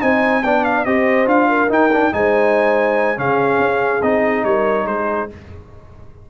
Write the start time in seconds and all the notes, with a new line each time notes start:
0.00 C4 D#4 C5 G#5
0.43 B3 D4 D5 G5
0.64 F5
0.85 C4 G4 C5 D#5
1.26 D4 F4 F5
1.48 A#4
1.68 D#4 G5
1.92 D4
2.12 G#3 D#4 C5 G#5
3.16 C#3 C#4 G#4 F5
3.59 C#4
4.02 C4 D#4 D#5
4.43 G3 A#4 C#5
4.85 G#3 G#4 C5